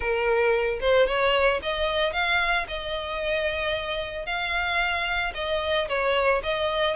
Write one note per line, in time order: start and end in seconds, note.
0.00 0.79 A#4
0.80 1.06 C5
1.06 1.60 C#5
1.62 2.13 D#5
2.13 2.66 F5
2.68 4.25 D#5
4.25 5.33 F5
5.34 5.88 D#5
5.88 6.42 C#5
6.43 6.96 D#5